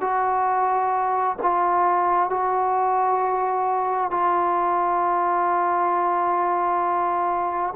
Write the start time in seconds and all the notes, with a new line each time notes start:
0.00 F#4
1.42 F4
2.29 F#4
4.10 F4